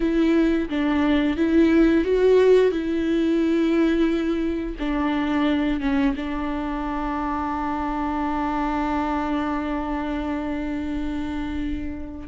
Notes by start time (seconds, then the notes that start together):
0.00 E4
0.69 D4
1.36 E4
2.04 F#4
2.71 E4
4.79 D4
5.80 C#4
6.16 D4